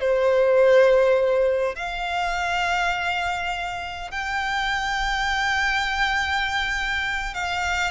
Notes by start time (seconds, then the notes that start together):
0.00 C5
1.75 F5
4.11 G5
7.34 F5